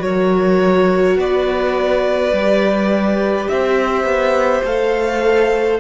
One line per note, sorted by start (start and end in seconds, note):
0.00 1.17 F#3
0.00 2.31 F#4
0.00 1.19 A#4
0.00 1.18 C#5
1.17 2.32 B3
1.17 3.49 B4
1.17 3.49 D5
2.32 3.48 G3
2.32 4.66 G4
3.49 4.04 C4
3.49 5.80 C5
3.49 4.64 E5
4.04 4.62 B3
4.64 5.79 A3
4.64 5.80 A4
4.64 5.80 F5